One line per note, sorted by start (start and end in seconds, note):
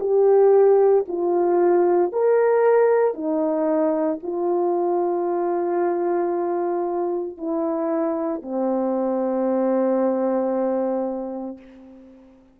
0.00 1.05 G4
1.08 2.12 F4
2.12 3.14 A#4
3.14 4.19 D#4
4.22 7.38 F4
7.38 8.42 E4
8.42 11.58 C4